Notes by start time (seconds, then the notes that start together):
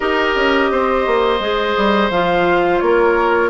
0.00 D#4 G4 A#4 D#5
0.35 C#4
0.71 C4 C5
1.06 A#3
1.39 G#3 G#4
1.77 G3
2.10 F3 F4 F5
2.79 A#3 A#4 C#5